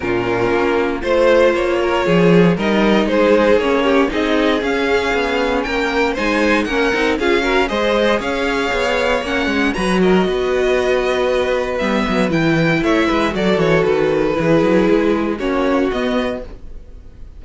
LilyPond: <<
  \new Staff \with { instrumentName = "violin" } { \time 4/4 \tempo 4 = 117 ais'2 c''4 cis''4~ | cis''4 dis''4 c''4 cis''4 | dis''4 f''2 g''4 | gis''4 fis''4 f''4 dis''4 |
f''2 fis''4 ais''8 dis''8~ | dis''2. e''4 | g''4 e''4 d''8 cis''8 b'4~ | b'2 cis''4 dis''4 | }
  \new Staff \with { instrumentName = "violin" } { \time 4/4 f'2 c''4. ais'8 | gis'4 ais'4 gis'4. g'8 | gis'2. ais'4 | c''4 ais'4 gis'8 ais'8 c''4 |
cis''2. b'8 ais'8 | b'1~ | b'4 cis''8 b'8 a'2 | gis'2 fis'2 | }
  \new Staff \with { instrumentName = "viola" } { \time 4/4 cis'2 f'2~ | f'4 dis'2 cis'4 | dis'4 cis'2. | dis'4 cis'8 dis'8 f'8 fis'8 gis'4~ |
gis'2 cis'4 fis'4~ | fis'2. b4 | e'2 fis'2 | e'2 cis'4 b4 | }
  \new Staff \with { instrumentName = "cello" } { \time 4/4 ais,4 ais4 a4 ais4 | f4 g4 gis4 ais4 | c'4 cis'4 b4 ais4 | gis4 ais8 c'8 cis'4 gis4 |
cis'4 b4 ais8 gis8 fis4 | b2. g8 fis8 | e4 a8 gis8 fis8 e8 dis4 | e8 fis8 gis4 ais4 b4 | }
>>